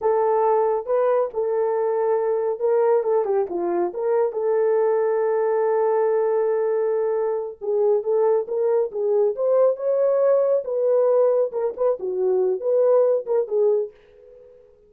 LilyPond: \new Staff \with { instrumentName = "horn" } { \time 4/4 \tempo 4 = 138 a'2 b'4 a'4~ | a'2 ais'4 a'8 g'8 | f'4 ais'4 a'2~ | a'1~ |
a'4. gis'4 a'4 ais'8~ | ais'8 gis'4 c''4 cis''4.~ | cis''8 b'2 ais'8 b'8 fis'8~ | fis'4 b'4. ais'8 gis'4 | }